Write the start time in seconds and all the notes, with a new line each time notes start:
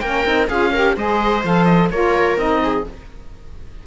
0.00 A#3 C#4 A#4 G5
0.26 C4 D#4
0.48 C#4 F4 G#4 F5
0.73 G4 A#4
0.96 G#3 G#4 C5 D#5
1.44 F3 A4 F5
1.65 D#5
1.90 A#3 F4 A#4 C#5
2.37 C4 D#4 D#5
2.63 G#4